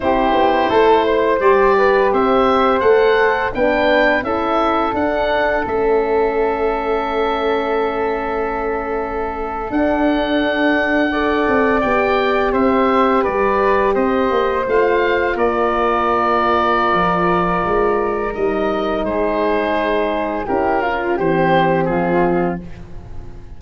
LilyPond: <<
  \new Staff \with { instrumentName = "oboe" } { \time 4/4 \tempo 4 = 85 c''2 d''4 e''4 | fis''4 g''4 e''4 fis''4 | e''1~ | e''4.~ e''16 fis''2~ fis''16~ |
fis''8. g''4 e''4 d''4 dis''16~ | dis''8. f''4 d''2~ d''16~ | d''2 dis''4 c''4~ | c''4 ais'4 c''4 gis'4 | }
  \new Staff \with { instrumentName = "flute" } { \time 4/4 g'4 a'8 c''4 b'8 c''4~ | c''4 b'4 a'2~ | a'1~ | a'2.~ a'8. d''16~ |
d''4.~ d''16 c''4 b'4 c''16~ | c''4.~ c''16 ais'2~ ais'16~ | ais'2. gis'4~ | gis'4 g'8 f'8 g'4 f'4 | }
  \new Staff \with { instrumentName = "horn" } { \time 4/4 e'2 g'2 | a'4 d'4 e'4 d'4 | cis'1~ | cis'4.~ cis'16 d'2 a'16~ |
a'8. g'2.~ g'16~ | g'8. f'2.~ f'16~ | f'2 dis'2~ | dis'4 e'8 f'8 c'2 | }
  \new Staff \with { instrumentName = "tuba" } { \time 4/4 c'8 b8 a4 g4 c'4 | a4 b4 cis'4 d'4 | a1~ | a4.~ a16 d'2~ d'16~ |
d'16 c'8 b4 c'4 g4 c'16~ | c'16 ais8 a4 ais2~ ais16 | f4 gis4 g4 gis4~ | gis4 cis'4 e4 f4 | }
>>